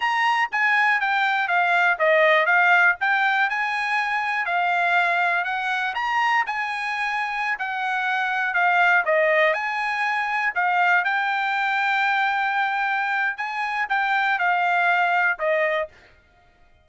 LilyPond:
\new Staff \with { instrumentName = "trumpet" } { \time 4/4 \tempo 4 = 121 ais''4 gis''4 g''4 f''4 | dis''4 f''4 g''4 gis''4~ | gis''4 f''2 fis''4 | ais''4 gis''2~ gis''16 fis''8.~ |
fis''4~ fis''16 f''4 dis''4 gis''8.~ | gis''4~ gis''16 f''4 g''4.~ g''16~ | g''2. gis''4 | g''4 f''2 dis''4 | }